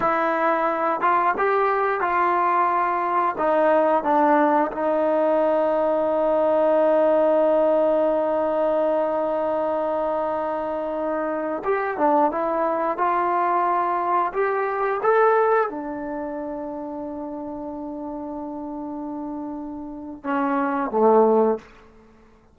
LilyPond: \new Staff \with { instrumentName = "trombone" } { \time 4/4 \tempo 4 = 89 e'4. f'8 g'4 f'4~ | f'4 dis'4 d'4 dis'4~ | dis'1~ | dis'1~ |
dis'4~ dis'16 g'8 d'8 e'4 f'8.~ | f'4~ f'16 g'4 a'4 d'8.~ | d'1~ | d'2 cis'4 a4 | }